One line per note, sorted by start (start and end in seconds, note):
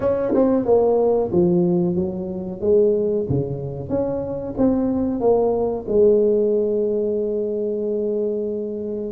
0.00 0.33 C#4
0.34 0.65 C4
0.65 1.30 A#3
1.32 1.95 F3
1.95 2.61 F#3
2.61 3.26 G#3
3.29 3.89 C#3
3.89 4.54 C#4
4.57 5.20 C4
5.20 5.85 A#3
5.88 9.11 G#3